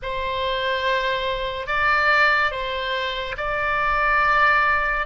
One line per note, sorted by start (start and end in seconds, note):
0.02 1.66 C5
1.66 2.51 D5
2.51 3.35 C5
3.37 5.06 D5